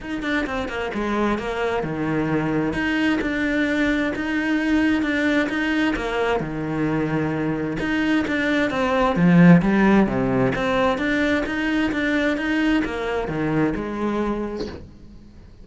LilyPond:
\new Staff \with { instrumentName = "cello" } { \time 4/4 \tempo 4 = 131 dis'8 d'8 c'8 ais8 gis4 ais4 | dis2 dis'4 d'4~ | d'4 dis'2 d'4 | dis'4 ais4 dis2~ |
dis4 dis'4 d'4 c'4 | f4 g4 c4 c'4 | d'4 dis'4 d'4 dis'4 | ais4 dis4 gis2 | }